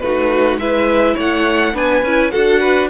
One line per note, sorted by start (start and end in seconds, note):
0.00 0.57 A3
0.00 0.61 D#4
0.00 0.61 F#4
0.00 0.58 B4
0.57 1.15 G#3
0.57 1.74 E4
0.57 1.15 B4
0.57 1.17 E5
1.15 1.74 A3
1.15 1.72 C#5
1.15 1.77 F#5
1.74 2.03 B3
1.74 2.03 D4
1.74 2.32 B4
1.74 2.31 G#5
2.03 2.32 C#4
2.03 2.31 E4
2.31 2.90 D4
2.31 2.89 F#4
2.31 2.60 A4
2.31 2.89 F#5
2.60 2.89 B4